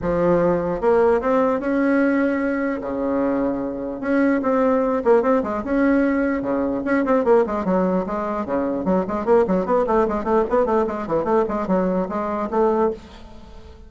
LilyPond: \new Staff \with { instrumentName = "bassoon" } { \time 4/4 \tempo 4 = 149 f2 ais4 c'4 | cis'2. cis4~ | cis2 cis'4 c'4~ | c'8 ais8 c'8 gis8 cis'2 |
cis4 cis'8 c'8 ais8 gis8 fis4 | gis4 cis4 fis8 gis8 ais8 fis8 | b8 a8 gis8 a8 b8 a8 gis8 e8 | a8 gis8 fis4 gis4 a4 | }